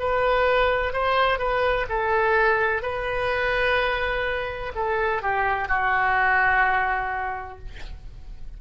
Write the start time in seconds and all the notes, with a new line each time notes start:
0.00 B4
0.94 C5
1.39 B4
1.90 A4
2.82 B4
4.75 A4
5.23 G4
5.68 F#4